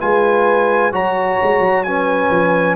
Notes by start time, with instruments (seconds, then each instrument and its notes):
0.00 tuba G#3, trombone F4, horn B4, trumpet G#5
0.92 tuba F#3, trombone F#4, horn C#5, trumpet A#5
1.42 tuba G#3
1.60 tuba F#3
1.83 trombone C#4, horn B4, trumpet G#5
2.30 tuba F3